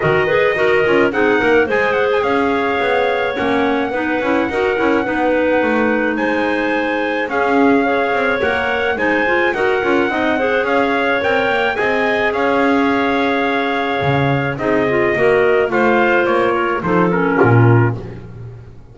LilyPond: <<
  \new Staff \with { instrumentName = "trumpet" } { \time 4/4 \tempo 4 = 107 dis''2 fis''4 gis''8 fis''16 gis''16 | f''2 fis''2~ | fis''2. gis''4~ | gis''4 f''2 fis''4 |
gis''4 fis''2 f''4 | g''4 gis''4 f''2~ | f''2 dis''2 | f''4 cis''4 c''8 ais'4. | }
  \new Staff \with { instrumentName = "clarinet" } { \time 4/4 ais'8 b'8 ais'4 gis'8 ais'8 c''4 | cis''2. b'4 | ais'4 b'2 c''4~ | c''4 gis'4 cis''2 |
c''4 ais'4 dis''8 c''8 cis''4~ | cis''4 dis''4 cis''2~ | cis''2 gis'4 ais'4 | c''4. ais'8 a'4 f'4 | }
  \new Staff \with { instrumentName = "clarinet" } { \time 4/4 fis'8 gis'8 fis'8 f'8 dis'4 gis'4~ | gis'2 cis'4 dis'8 e'8 | fis'8 e'8 dis'2.~ | dis'4 cis'4 gis'4 ais'4 |
dis'8 f'8 fis'8 f'8 dis'8 gis'4. | ais'4 gis'2.~ | gis'2 dis'8 f'8 fis'4 | f'2 dis'8 cis'4. | }
  \new Staff \with { instrumentName = "double bass" } { \time 4/4 dis4 dis'8 cis'8 c'8 ais8 gis4 | cis'4 b4 ais4 b8 cis'8 | dis'8 cis'8 b4 a4 gis4~ | gis4 cis'4. c'8 ais4 |
gis4 dis'8 cis'8 c'4 cis'4 | c'8 ais8 c'4 cis'2~ | cis'4 cis4 c'4 ais4 | a4 ais4 f4 ais,4 | }
>>